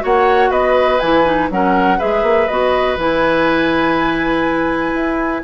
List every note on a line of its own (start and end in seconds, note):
0.00 0.50 A#3
0.00 0.98 F#4
0.00 0.50 C#5
0.00 0.52 F#5
0.50 0.99 B3
0.50 1.48 B4
0.50 0.99 D#5
0.99 1.50 E3
0.99 1.25 E4
0.99 1.49 G#5
1.25 1.49 D#4
1.50 1.99 F#3
1.50 1.98 C#4
1.50 1.98 A#4
1.50 2.00 F#5
1.98 2.22 G#3
1.98 2.47 G#4
1.98 5.42 B4
1.98 2.48 E5
2.22 2.47 A#3
2.48 2.97 B3
2.48 2.98 F#4
2.48 2.97 D#5
2.97 4.93 E3
2.97 5.44 E4
2.97 5.44 G#5
4.94 5.43 E4